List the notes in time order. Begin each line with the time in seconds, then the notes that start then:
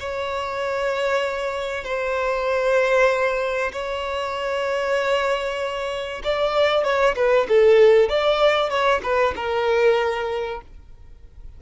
0.00 C#5
1.84 C5
3.72 C#5
6.24 D5
6.84 C#5
7.16 B4
7.49 A4
8.09 D5
8.70 C#5
9.03 B4
9.36 A#4